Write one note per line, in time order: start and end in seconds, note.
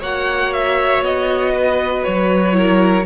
0.00 1.02 A#3
0.00 2.53 F#4
0.00 1.53 C#5
0.00 0.53 F#5
0.53 1.04 E5
1.02 2.03 B3
1.02 2.04 D#5
1.55 2.57 B4
2.04 3.06 F#3
2.04 3.06 C#5
2.53 3.03 E4
2.53 3.06 A#4